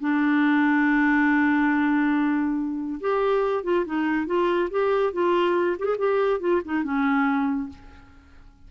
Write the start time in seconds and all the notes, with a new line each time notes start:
0.00 D4
3.00 G4
3.64 F4
3.85 D#4
4.26 F4
4.70 G4
5.13 F4
5.79 G4 G#4
5.98 G4
6.40 F4
6.64 D#4
6.83 C#4